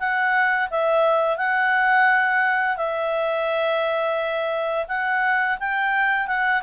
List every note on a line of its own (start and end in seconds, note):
0.00 0.70 F#5
0.71 1.38 E5
1.38 2.77 F#5
2.77 4.86 E5
4.88 5.58 F#5
5.60 6.28 G5
6.28 6.63 F#5